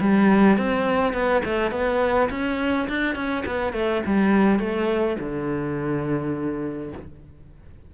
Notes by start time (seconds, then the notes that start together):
0.00 G3
0.57 C4
1.13 B3
1.45 A3
1.71 B3
2.30 C#4
2.88 D4
3.15 C#4
3.46 B3
3.73 A3
4.06 G3
4.59 A3
5.19 D3